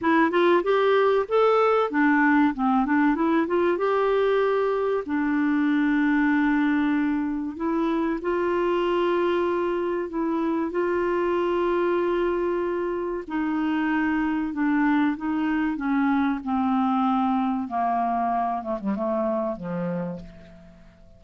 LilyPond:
\new Staff \with { instrumentName = "clarinet" } { \time 4/4 \tempo 4 = 95 e'8 f'8 g'4 a'4 d'4 | c'8 d'8 e'8 f'8 g'2 | d'1 | e'4 f'2. |
e'4 f'2.~ | f'4 dis'2 d'4 | dis'4 cis'4 c'2 | ais4. a16 g16 a4 f4 | }